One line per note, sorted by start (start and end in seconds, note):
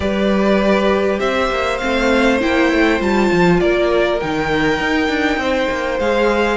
0.00 1.18 G3
0.00 1.79 G4
0.00 1.19 B4
0.00 1.19 D5
1.19 1.50 C4
1.19 3.59 C5
1.19 1.78 E5
1.50 1.80 A#3
1.78 2.42 A3
1.78 2.40 C4
1.78 2.38 F5
2.41 2.72 A#3
2.41 2.99 E4
2.41 3.01 G5
2.72 3.00 A3
2.99 3.30 G3
2.99 4.19 F4
2.99 3.60 A5
3.31 3.61 F3
3.60 4.21 A#3
3.60 5.40 A#4
3.60 4.20 D5
4.20 4.80 D#3
4.20 6.01 D#4
4.20 5.99 G5
4.80 5.08 D#4
5.08 5.37 D4
5.37 5.67 C4
5.37 6.56 C5
5.70 5.99 A#3
5.99 6.56 G#3
5.99 6.56 G#4
5.99 6.56 F5